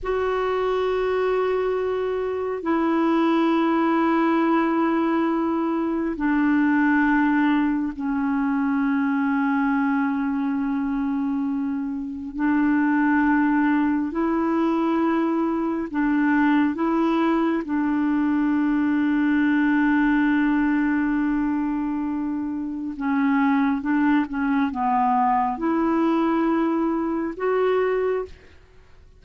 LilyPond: \new Staff \with { instrumentName = "clarinet" } { \time 4/4 \tempo 4 = 68 fis'2. e'4~ | e'2. d'4~ | d'4 cis'2.~ | cis'2 d'2 |
e'2 d'4 e'4 | d'1~ | d'2 cis'4 d'8 cis'8 | b4 e'2 fis'4 | }